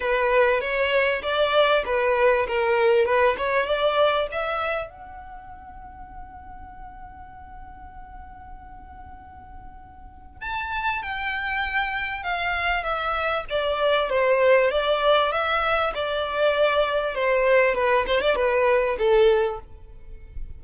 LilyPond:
\new Staff \with { instrumentName = "violin" } { \time 4/4 \tempo 4 = 98 b'4 cis''4 d''4 b'4 | ais'4 b'8 cis''8 d''4 e''4 | fis''1~ | fis''1~ |
fis''4 a''4 g''2 | f''4 e''4 d''4 c''4 | d''4 e''4 d''2 | c''4 b'8 c''16 d''16 b'4 a'4 | }